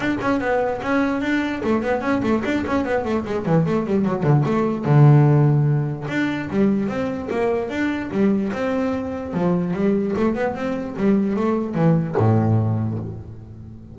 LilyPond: \new Staff \with { instrumentName = "double bass" } { \time 4/4 \tempo 4 = 148 d'8 cis'8 b4 cis'4 d'4 | a8 b8 cis'8 a8 d'8 cis'8 b8 a8 | gis8 e8 a8 g8 fis8 d8 a4 | d2. d'4 |
g4 c'4 ais4 d'4 | g4 c'2 f4 | g4 a8 b8 c'4 g4 | a4 e4 a,2 | }